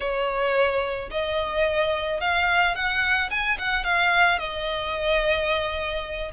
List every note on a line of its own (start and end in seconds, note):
0.00 1.09 C#5
1.11 2.20 D#5
2.20 2.75 F5
2.75 3.30 F#5
3.30 3.58 G#5
3.58 3.84 F#5
3.84 4.39 F5
4.39 6.31 D#5